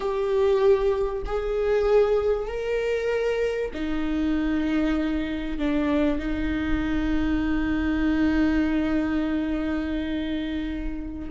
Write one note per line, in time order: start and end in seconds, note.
0.00 1.22 G4
1.25 2.47 G#4
2.47 3.71 A#4
3.73 5.58 D#4
5.58 6.19 D4
6.19 11.29 D#4